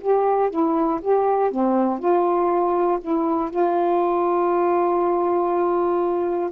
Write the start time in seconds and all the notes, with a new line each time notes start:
0.00 G4
0.50 E4
1.01 G4
1.50 C4
1.99 F4
3.01 E4
3.50 F4